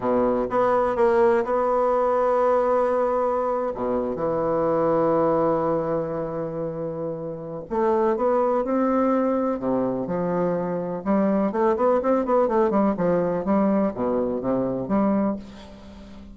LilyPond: \new Staff \with { instrumentName = "bassoon" } { \time 4/4 \tempo 4 = 125 b,4 b4 ais4 b4~ | b2.~ b8. b,16~ | b,8. e2.~ e16~ | e1 |
a4 b4 c'2 | c4 f2 g4 | a8 b8 c'8 b8 a8 g8 f4 | g4 b,4 c4 g4 | }